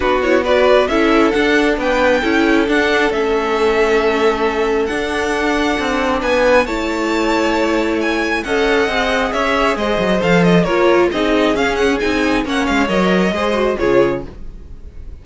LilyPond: <<
  \new Staff \with { instrumentName = "violin" } { \time 4/4 \tempo 4 = 135 b'8 cis''8 d''4 e''4 fis''4 | g''2 fis''4 e''4~ | e''2. fis''4~ | fis''2 gis''4 a''4~ |
a''2 gis''4 fis''4~ | fis''4 e''4 dis''4 f''8 dis''8 | cis''4 dis''4 f''8 fis''8 gis''4 | fis''8 f''8 dis''2 cis''4 | }
  \new Staff \with { instrumentName = "violin" } { \time 4/4 fis'4 b'4 a'2 | b'4 a'2.~ | a'1~ | a'2 b'4 cis''4~ |
cis''2. dis''4~ | dis''4 cis''4 c''2 | ais'4 gis'2. | cis''2 c''4 gis'4 | }
  \new Staff \with { instrumentName = "viola" } { \time 4/4 d'8 e'8 fis'4 e'4 d'4~ | d'4 e'4 d'4 cis'4~ | cis'2. d'4~ | d'2. e'4~ |
e'2. a'4 | gis'2. a'4 | f'4 dis'4 cis'4 dis'4 | cis'4 ais'4 gis'8 fis'8 f'4 | }
  \new Staff \with { instrumentName = "cello" } { \time 4/4 b2 cis'4 d'4 | b4 cis'4 d'4 a4~ | a2. d'4~ | d'4 c'4 b4 a4~ |
a2. cis'4 | c'4 cis'4 gis8 fis8 f4 | ais4 c'4 cis'4 c'4 | ais8 gis8 fis4 gis4 cis4 | }
>>